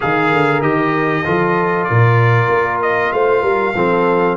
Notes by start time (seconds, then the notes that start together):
0.00 D#3 G#4 A#4 F5
0.32 D3
0.61 D#3 G4 D#5
1.24 F3 F4 A4
1.84 A#2 A#4 D5
2.48 A#3
2.82 D#5
3.12 A3 C5 F5
3.42 G3 A#4
3.74 F3 C4 A4